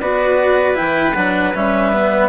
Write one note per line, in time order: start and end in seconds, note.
0.00 0.77 B3
0.00 0.75 F#4
0.00 2.29 B4
0.00 0.76 D5
0.75 1.16 E3
0.75 1.13 E4
0.75 1.14 G5
1.14 1.54 F#3
1.14 1.54 D4
1.14 1.53 F#5
1.54 2.29 G3
1.54 1.93 C#4
1.54 2.29 E5
1.93 2.29 B3